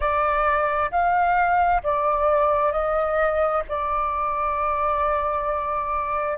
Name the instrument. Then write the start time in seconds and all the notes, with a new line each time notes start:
flute
0.00 D5
0.91 F5
1.83 D5
2.71 D#5
3.68 D5